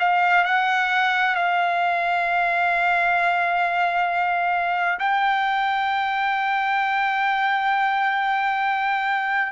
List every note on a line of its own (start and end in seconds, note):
0.00 0.45 F5
0.45 1.36 F#5
1.36 4.99 F5
5.00 9.52 G5